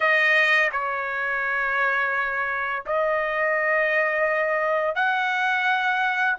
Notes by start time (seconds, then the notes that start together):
0.00 D#5
0.72 C#5
2.86 D#5
4.95 F#5